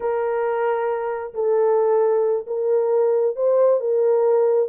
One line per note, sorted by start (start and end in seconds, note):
0.00 1.33 A#4
1.34 2.45 A4
2.46 3.36 A#4
3.36 3.80 C5
3.80 4.68 A#4